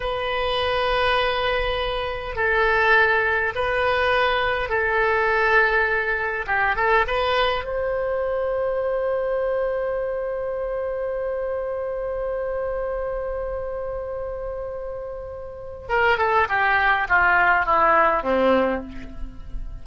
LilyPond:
\new Staff \with { instrumentName = "oboe" } { \time 4/4 \tempo 4 = 102 b'1 | a'2 b'2 | a'2. g'8 a'8 | b'4 c''2.~ |
c''1~ | c''1~ | c''2. ais'8 a'8 | g'4 f'4 e'4 c'4 | }